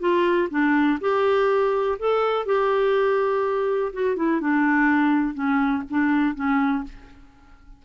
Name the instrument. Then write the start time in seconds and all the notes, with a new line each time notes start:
clarinet
0.00 F4
0.50 D4
1.01 G4
1.99 A4
2.46 G4
3.93 F#4
4.16 E4
4.41 D4
5.35 C#4
5.90 D4
6.35 C#4